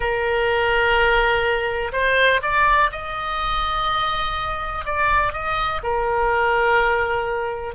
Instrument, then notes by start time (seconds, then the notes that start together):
oboe
0.00 A#4
1.92 C5
2.42 D5
2.91 D#5
4.85 D5
5.32 D#5
5.83 A#4